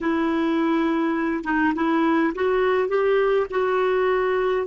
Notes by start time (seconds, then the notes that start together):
0.01 E4
1.44 D#4
1.75 E4
2.35 F#4
2.88 G4
3.50 F#4